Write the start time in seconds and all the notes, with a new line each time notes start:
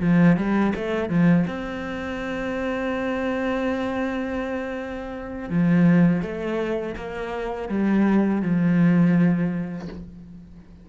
0.00 F3
0.37 G3
0.75 A3
1.09 F3
1.47 C4
5.49 F3
6.22 A3
6.96 A#3
7.69 G3
8.42 F3